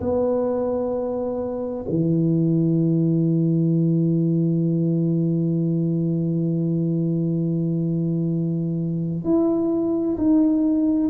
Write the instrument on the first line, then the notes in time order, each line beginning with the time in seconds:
tuba
0.00 B3
1.88 E3
9.24 E4
10.17 D#4